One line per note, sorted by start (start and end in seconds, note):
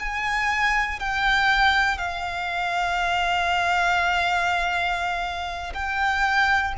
0.00 1.00 G#5
1.00 1.99 G5
1.99 5.74 F5
5.74 6.74 G5